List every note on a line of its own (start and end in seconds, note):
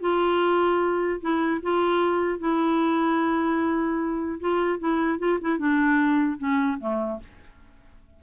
0.00 1.20 F4
1.21 1.61 E4
1.62 2.39 F4
2.39 4.39 E4
4.40 4.79 F4
4.79 5.19 E4
5.19 5.39 F4
5.40 5.58 E4
5.58 6.38 D4
6.38 6.78 C#4
6.79 7.19 A3